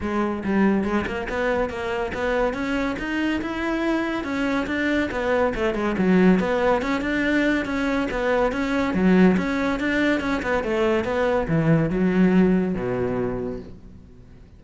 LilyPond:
\new Staff \with { instrumentName = "cello" } { \time 4/4 \tempo 4 = 141 gis4 g4 gis8 ais8 b4 | ais4 b4 cis'4 dis'4 | e'2 cis'4 d'4 | b4 a8 gis8 fis4 b4 |
cis'8 d'4. cis'4 b4 | cis'4 fis4 cis'4 d'4 | cis'8 b8 a4 b4 e4 | fis2 b,2 | }